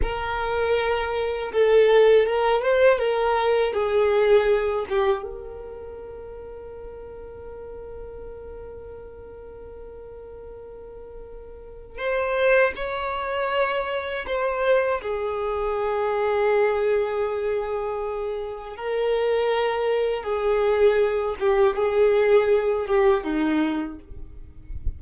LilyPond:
\new Staff \with { instrumentName = "violin" } { \time 4/4 \tempo 4 = 80 ais'2 a'4 ais'8 c''8 | ais'4 gis'4. g'8 ais'4~ | ais'1~ | ais'1 |
c''4 cis''2 c''4 | gis'1~ | gis'4 ais'2 gis'4~ | gis'8 g'8 gis'4. g'8 dis'4 | }